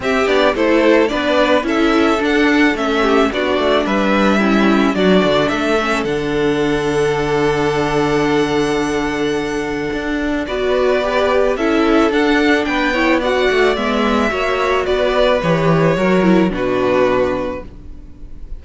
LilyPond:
<<
  \new Staff \with { instrumentName = "violin" } { \time 4/4 \tempo 4 = 109 e''8 d''8 c''4 d''4 e''4 | fis''4 e''4 d''4 e''4~ | e''4 d''4 e''4 fis''4~ | fis''1~ |
fis''2. d''4~ | d''4 e''4 fis''4 g''4 | fis''4 e''2 d''4 | cis''2 b'2 | }
  \new Staff \with { instrumentName = "violin" } { \time 4/4 g'4 a'4 b'4 a'4~ | a'4. g'8 fis'4 b'4 | e'4 fis'4 a'2~ | a'1~ |
a'2. b'4~ | b'4 a'2 b'8 cis''8 | d''2 cis''4 b'4~ | b'4 ais'4 fis'2 | }
  \new Staff \with { instrumentName = "viola" } { \time 4/4 c'8 d'8 e'4 d'4 e'4 | d'4 cis'4 d'2 | cis'4 d'4. cis'8 d'4~ | d'1~ |
d'2. fis'4 | g'4 e'4 d'4. e'8 | fis'4 b4 fis'2 | g'4 fis'8 e'8 d'2 | }
  \new Staff \with { instrumentName = "cello" } { \time 4/4 c'8 b8 a4 b4 cis'4 | d'4 a4 b8 a8 g4~ | g4 fis8 d8 a4 d4~ | d1~ |
d2 d'4 b4~ | b4 cis'4 d'4 b4~ | b8 a8 gis4 ais4 b4 | e4 fis4 b,2 | }
>>